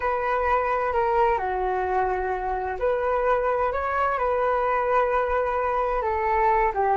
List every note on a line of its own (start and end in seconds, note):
0.00 0.92 B4
0.93 1.38 A#4
1.38 2.77 F#4
2.79 3.72 B4
3.72 4.18 C#5
4.18 6.02 B4
6.02 6.71 A4
6.74 6.97 G4